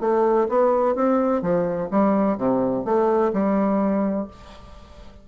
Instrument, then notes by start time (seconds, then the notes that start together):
bassoon
0.00 A3
0.49 B3
0.95 C4
1.42 F3
1.90 G3
2.37 C3
2.85 A3
3.33 G3